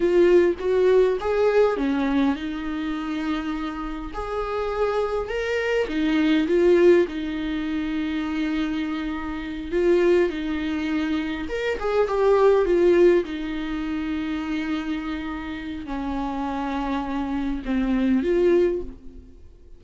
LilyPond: \new Staff \with { instrumentName = "viola" } { \time 4/4 \tempo 4 = 102 f'4 fis'4 gis'4 cis'4 | dis'2. gis'4~ | gis'4 ais'4 dis'4 f'4 | dis'1~ |
dis'8 f'4 dis'2 ais'8 | gis'8 g'4 f'4 dis'4.~ | dis'2. cis'4~ | cis'2 c'4 f'4 | }